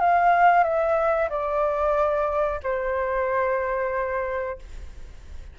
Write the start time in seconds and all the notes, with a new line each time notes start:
0.00 F5
0.64 E5
1.30 D5
2.63 C5